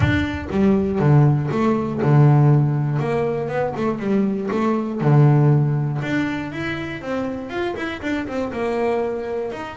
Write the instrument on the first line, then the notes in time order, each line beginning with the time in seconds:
double bass
0.00 D4
0.50 G3
0.99 D3
1.51 A3
2.02 D3
2.99 A#3
3.48 B3
3.76 A3
3.99 G3
4.51 A3
5.00 D3
6.02 D4
6.52 E4
7.01 C4
7.49 F4
7.76 E4
8.02 D4
8.27 C4
8.52 A#3
9.52 D#4